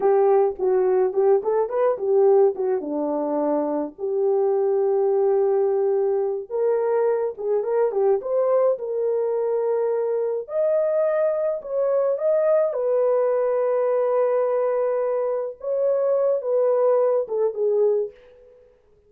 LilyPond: \new Staff \with { instrumentName = "horn" } { \time 4/4 \tempo 4 = 106 g'4 fis'4 g'8 a'8 b'8 g'8~ | g'8 fis'8 d'2 g'4~ | g'2.~ g'8 ais'8~ | ais'4 gis'8 ais'8 g'8 c''4 ais'8~ |
ais'2~ ais'8 dis''4.~ | dis''8 cis''4 dis''4 b'4.~ | b'2.~ b'8 cis''8~ | cis''4 b'4. a'8 gis'4 | }